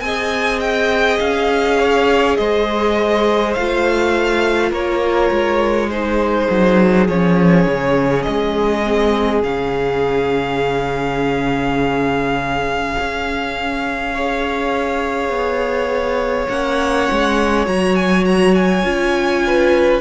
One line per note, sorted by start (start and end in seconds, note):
0.00 1.18 C4
0.00 3.55 G#4
0.00 1.78 D#5
0.00 0.59 G#5
0.60 1.18 G5
1.19 2.37 C#4
1.19 2.36 F5
1.78 2.37 C#5
2.36 3.56 G#3
2.36 4.69 C5
2.36 3.53 D#5
3.53 4.71 A3
3.53 5.91 F4
3.53 4.71 F5
4.69 5.30 A#3
4.69 5.87 A#4
4.69 5.89 C#5
5.30 6.48 G#3
5.89 7.08 D#4
5.89 14.14 G#4
5.89 7.07 C5
6.50 7.08 F#3
7.07 7.66 F3
7.07 8.84 C#4
7.07 8.22 C#5
7.66 8.25 C#3
8.22 9.43 G#3
8.22 9.40 D#5
8.84 9.43 C4
9.43 12.96 C#3
9.43 14.15 C#4
9.43 16.48 F5
12.98 15.29 C#4
14.14 16.49 G#4
14.14 19.43 C#5
15.29 16.46 B3
16.48 17.08 A#3
16.48 17.66 C#4
16.48 17.65 F#5
17.11 17.67 G#3
17.66 18.84 F#3
17.66 18.82 F#4
17.66 17.95 A#5
17.95 18.24 G#5
18.25 18.54 A#5
18.54 20.01 G#5
18.82 20.01 C#4
18.82 20.00 F4
19.46 20.01 B4